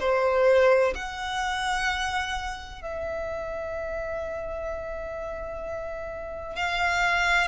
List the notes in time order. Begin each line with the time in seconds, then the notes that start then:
0.00 C5
0.95 F#5
2.82 E5
6.56 F5